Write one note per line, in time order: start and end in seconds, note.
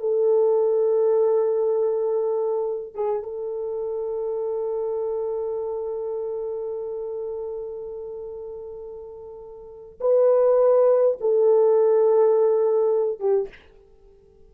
0.00 2.94 A4
2.94 3.23 G#4
3.23 9.99 A4
10.01 11.18 B4
11.20 13.19 A4
13.19 13.49 G4